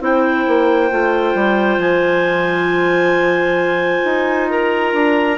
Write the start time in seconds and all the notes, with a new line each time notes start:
0.00 C4 E4 C5 G5
0.47 A#3
0.90 A3 F4
1.35 G3
1.78 F3 G#5
4.04 D#4
4.50 A#4 A#5
4.93 D4